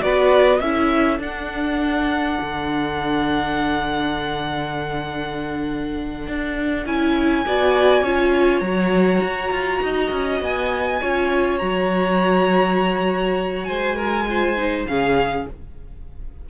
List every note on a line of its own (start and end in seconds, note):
0.00 0.61 B3
0.00 0.59 F#4
0.00 0.62 B4
0.00 0.60 D5
0.60 1.19 C#4
0.60 1.20 E4
0.60 7.45 A4
0.60 1.19 E5
1.19 2.38 D4
1.19 6.85 D4
1.19 6.87 F#5
2.42 6.28 D3
6.28 6.86 D4
6.86 7.45 C#4
6.86 7.46 E4
6.86 8.60 G#5
7.46 8.02 B3
7.46 8.05 F#4
7.46 8.04 D5
8.02 8.61 C#4
8.02 8.65 F4
8.02 9.82 C#5
8.60 9.21 F#3
8.60 11.02 F#4
8.60 10.38 A#5
9.21 9.51 F#4
9.51 9.81 F4
9.83 10.12 D#4
9.83 11.02 D#5
10.12 10.41 C#4
10.41 11.01 B3
10.41 11.58 G#5
11.02 11.62 C#4
11.02 11.60 F4
11.02 13.68 C#5
11.58 13.69 F#3
11.58 14.27 F#4
11.58 13.64 A#5
13.64 14.86 G#3
13.64 13.97 C5
13.64 14.83 G#5
13.97 14.26 A#4
14.29 14.57 F4
14.29 14.90 C5
14.57 14.87 D#4
14.86 15.45 C#3
14.86 15.48 C#4
14.86 15.50 G#4
14.86 15.47 F5